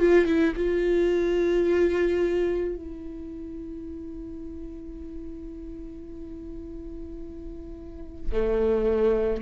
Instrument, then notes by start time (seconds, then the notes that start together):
viola
0.00 F4
0.26 E4
0.56 F4
2.76 E4
8.32 A3